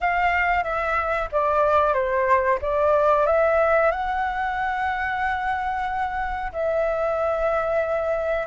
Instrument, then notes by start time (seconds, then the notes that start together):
flute
0.00 F5
0.63 E5
1.32 D5
1.93 C5
2.61 D5
3.26 E5
3.91 F#5
6.52 E5